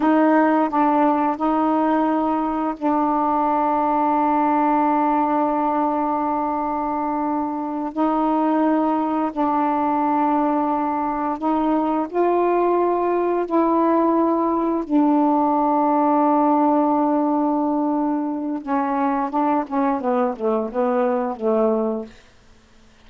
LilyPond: \new Staff \with { instrumentName = "saxophone" } { \time 4/4 \tempo 4 = 87 dis'4 d'4 dis'2 | d'1~ | d'2.~ d'8 dis'8~ | dis'4. d'2~ d'8~ |
d'8 dis'4 f'2 e'8~ | e'4. d'2~ d'8~ | d'2. cis'4 | d'8 cis'8 b8 a8 b4 a4 | }